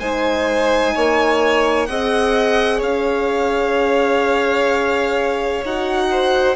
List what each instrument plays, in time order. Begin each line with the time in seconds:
0.00 bassoon G#3, horn D#4, violin C5 G#5
0.94 bassoon A#3, violin C#5
1.86 bassoon C4, horn G#4, violin D#5 F#5
2.78 bassoon C#4, violin C#5 F5
5.64 bassoon D#4, horn F#4, violin F#5
6.11 violin C5